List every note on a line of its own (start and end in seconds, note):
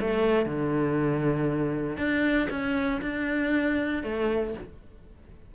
0.00 0.45 A3
0.45 1.97 D3
1.97 2.48 D4
2.50 3.00 C#4
3.01 4.03 D4
4.03 4.54 A3